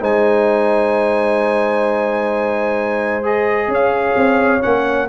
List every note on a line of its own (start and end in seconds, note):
0.00 3.67 G#3
0.00 3.23 D#4
0.00 3.69 C5
0.00 3.25 G#5
3.23 4.61 G#4
3.23 3.71 D#5
3.67 4.14 C#4
3.67 5.08 C#5
3.74 4.62 F5
4.16 4.62 C4
4.61 5.08 A#3
4.61 5.07 C#4
4.61 5.08 F#5